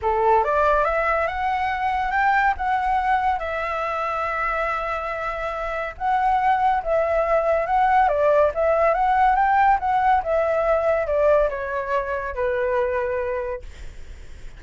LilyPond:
\new Staff \with { instrumentName = "flute" } { \time 4/4 \tempo 4 = 141 a'4 d''4 e''4 fis''4~ | fis''4 g''4 fis''2 | e''1~ | e''2 fis''2 |
e''2 fis''4 d''4 | e''4 fis''4 g''4 fis''4 | e''2 d''4 cis''4~ | cis''4 b'2. | }